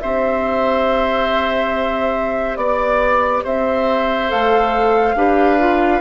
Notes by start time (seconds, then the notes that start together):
0.00 C4 G4 C5 E5
2.57 B3 D5
3.44 C4 C5 E5
4.29 A3 A4 F5
5.15 D4 G4 B4
5.59 F4